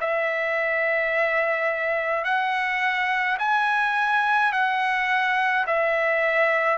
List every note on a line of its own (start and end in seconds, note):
0.00 2.24 E5
2.24 3.37 F#5
3.39 4.52 G#5
4.52 5.65 F#5
5.67 6.77 E5